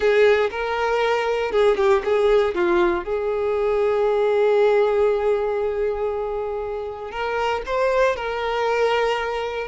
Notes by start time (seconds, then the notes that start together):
0.00 G#4
0.51 A#4
1.51 G#4
1.77 G4
2.04 G#4
2.54 F4
3.04 G#4
7.11 A#4
7.66 C5
8.16 A#4